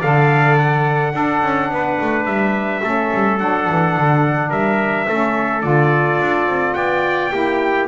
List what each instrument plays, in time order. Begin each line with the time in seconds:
0.00 double bass D3, saxophone A4, trumpet D5 F5
0.58 trumpet F#5
1.13 saxophone D4, double bass D4, trumpet A4
1.43 double bass C#4
1.71 double bass B3, trumpet B4
2.01 double bass A3
2.25 double bass G3, trumpet E5
2.83 double bass A3, saxophone C#4, trumpet A4
3.14 double bass G3
3.39 double bass F#3, saxophone D4, trumpet F#5
3.70 double bass E3
3.97 double bass D3
4.49 double bass G3, trumpet A#4 E5
5.09 double bass A3, saxophone C#4, trumpet A4
5.62 double bass D3, saxophone F4, trumpet D5
6.21 double bass D4
6.47 double bass C4
6.74 double bass B3, trumpet D5 G5
7.32 double bass A#3, saxophone E4, trumpet G4